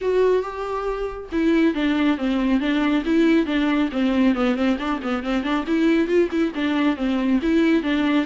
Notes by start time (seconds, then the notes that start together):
0.01 F#4
0.42 G4
1.31 E4
1.74 D4
2.17 C4
2.60 D4
3.05 E4
3.46 D4
3.92 C4
4.34 B3
4.55 C4
4.78 D4
5.02 B3
5.23 C4
5.43 D4
5.66 E4
6.07 F4
6.31 E4
6.54 D4
6.96 C4
7.42 E4
7.82 D4